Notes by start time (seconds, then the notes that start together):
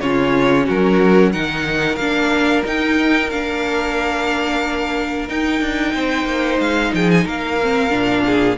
0.00 C#3 C#4 F4 C#5
0.65 F#3 F#4 A#4
1.31 D#3 D#4 A#4 F#5
1.95 A#3 D4 F5
2.65 D#4 G5
3.30 A#3 D4 F5
5.28 D#4 G5
5.60 D4
5.94 C4 C5
6.25 A#3
6.59 G#3 F5
6.93 F3 G#4 G5
7.10 G#5
7.24 A#3 A#4 F5
7.62 C4
7.89 A#2 D4
8.25 G#4